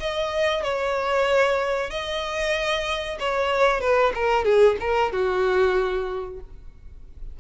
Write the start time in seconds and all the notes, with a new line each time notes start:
0.00 D#5
0.63 C#5
1.91 D#5
3.19 C#5
3.81 B4
4.15 A#4
4.45 G#4
4.80 A#4
5.12 F#4